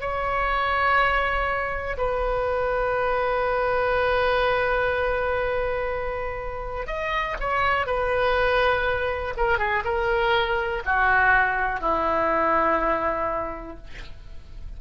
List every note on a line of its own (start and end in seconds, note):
0.00 1.97 C#5
1.97 6.86 B4
6.86 7.35 D#5
7.39 7.86 C#5
7.86 9.34 B4
9.37 9.58 A#4
9.58 9.83 G#4
9.84 10.82 A#4
10.85 11.80 F#4
11.80 13.77 E4